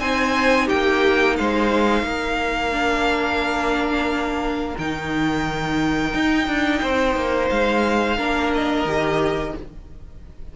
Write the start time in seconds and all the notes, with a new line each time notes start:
0.00 C4 D#4 C5 G#5
0.66 A#3 G4 G5
1.36 G#3 C5 F5
2.03 A#3 A#4
2.72 D4
4.78 D#3 D#4 G5
6.14 D#4
6.48 D4
6.82 C4 C5
7.16 A#3
7.50 G#3 F5
8.17 A#3 D4 A#4
8.54 D#5
8.85 D#3 G4